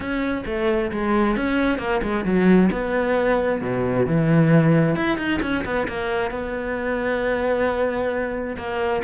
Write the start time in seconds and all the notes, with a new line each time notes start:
0.00 C#4
0.46 A3
0.91 G#3
1.36 C#4
1.78 A#3
2.02 G#3
2.24 F#3
2.71 B3
3.61 B2
4.06 E3
4.95 E4
5.17 D#4
5.42 C#4
5.64 B3
5.88 A#3
6.31 B3
8.57 A#3